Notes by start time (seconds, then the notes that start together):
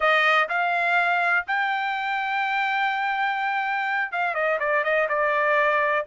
0.00 D#5
0.48 F5
1.47 G5
4.12 F5
4.34 D#5
4.59 D5
4.83 D#5
5.08 D5